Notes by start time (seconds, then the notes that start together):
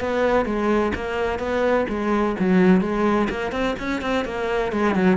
0.00 B3
0.45 G#3
0.95 A#3
1.39 B3
1.89 G#3
2.39 F#3
2.81 G#3
3.29 A#3
3.52 C4
3.79 C#4
4.01 C4
4.25 A#3
4.72 G#3
4.95 F#3